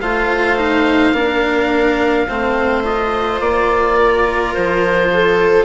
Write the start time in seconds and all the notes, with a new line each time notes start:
0.00 A3 F4 C5 F5
0.57 D#4
1.12 A#3 D4 A#4
2.28 A3 C4 C5
2.84 F4 D#5
3.40 A#3 D5
3.96 A#4
4.54 F3 C5
5.13 A4